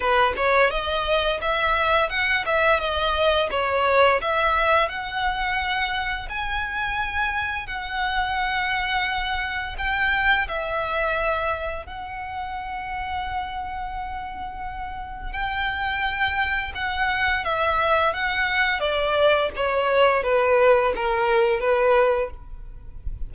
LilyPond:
\new Staff \with { instrumentName = "violin" } { \time 4/4 \tempo 4 = 86 b'8 cis''8 dis''4 e''4 fis''8 e''8 | dis''4 cis''4 e''4 fis''4~ | fis''4 gis''2 fis''4~ | fis''2 g''4 e''4~ |
e''4 fis''2.~ | fis''2 g''2 | fis''4 e''4 fis''4 d''4 | cis''4 b'4 ais'4 b'4 | }